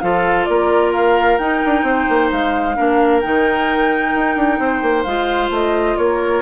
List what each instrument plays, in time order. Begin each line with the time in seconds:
0.00 bassoon F3, clarinet F4, oboe A4, flute F5
0.45 bassoon A#3, oboe A#4, flute D5
0.93 flute F5
1.38 bassoon D#4, clarinet D#4, flute G5
1.66 bassoon D4
1.83 bassoon C4, oboe C5
2.10 bassoon A#3
2.32 bassoon G#3, flute F5
2.76 bassoon A#3, clarinet D4, oboe A#4
3.21 bassoon D#3, clarinet D#4, flute G5
4.15 bassoon D#4
4.36 bassoon D4
4.60 bassoon C4, oboe C5
4.83 bassoon A#3
5.04 bassoon G#3, clarinet F4, flute F5
5.50 bassoon A3, flute D#5
5.98 bassoon A#3, oboe A#4, flute C#5